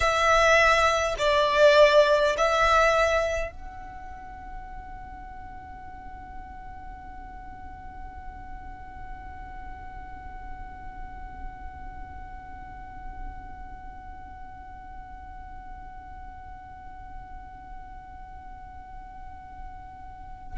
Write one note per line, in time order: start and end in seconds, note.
0.00 1.15 E5
1.18 2.36 D5
2.37 3.51 E5
3.51 20.57 F#5